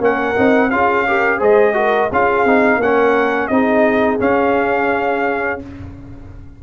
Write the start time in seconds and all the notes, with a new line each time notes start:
0.00 A#3 C#4 A#4 F#5
0.36 C4 D#4
0.70 C#4 F4 G#4 F5
1.07 G4 A#4
1.38 G#3 G#4 C5 D#5
1.74 F#4 A#4
2.10 C#4 F4 G#4 F5
2.45 C4 D#4
2.77 A#3 A#4 F#5
2.83 C#4
3.48 C4 D#4 D#5
3.54 G#4
4.20 C#4 F5